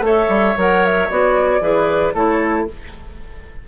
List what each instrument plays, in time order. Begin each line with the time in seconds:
0.00 bassoon A3, clarinet A4, oboe C#5, flute E5
0.28 bassoon G3
0.57 bassoon F#3, clarinet A#4, flute F#5
0.85 flute E5
1.10 bassoon B3, clarinet F#4, flute D5
1.61 bassoon E3, clarinet G#4, oboe B4
2.14 bassoon A3, clarinet E4, oboe A4, flute C#5